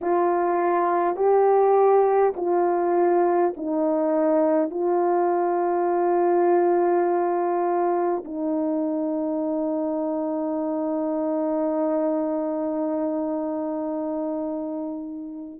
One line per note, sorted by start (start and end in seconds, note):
0.01 1.16 F4
1.16 2.33 G4
2.36 3.53 F4
3.56 4.70 D#4
4.70 8.23 F4
8.25 15.60 D#4